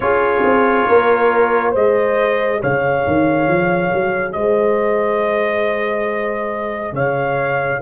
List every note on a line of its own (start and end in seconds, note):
0.00 0.42 C#4
0.00 1.74 F4
0.00 0.88 G#4
0.00 1.74 C#5
0.43 0.87 C4
0.88 1.75 A#3
0.88 1.71 A#4
1.71 2.62 G#3
1.71 7.82 G#4
1.71 2.58 C5
1.71 2.62 D#5
2.60 3.06 C#3
2.60 4.34 C#5
2.60 4.32 F5
3.07 3.48 D#3
3.48 3.91 F3
3.93 4.34 F#3
4.32 6.92 G#3
4.32 6.94 C5
4.32 6.93 D#5
6.92 7.79 C#3
6.92 7.81 C#5
6.92 7.82 F5